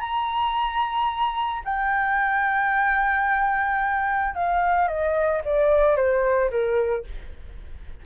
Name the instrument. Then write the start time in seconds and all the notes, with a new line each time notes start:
flute
0.00 A#5
1.64 G5
4.34 F5
4.88 D#5
5.44 D5
5.96 C5
6.50 A#4